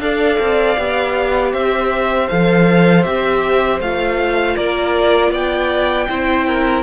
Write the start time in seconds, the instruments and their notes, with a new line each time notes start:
0.00 cello D4, viola A4, violin D5 F5
0.39 cello C4
0.78 cello B3, viola G4
1.53 cello C4, violin C5 E5
2.29 cello F3, viola A4, violin F5
3.03 cello C4, viola G4, violin E5
3.80 cello A3, viola F4, violin F5
4.56 cello A#3, violin A#4 D5
5.31 cello B3, violin D5 G5
6.09 cello C4, viola E4, violin C5
6.47 violin A#4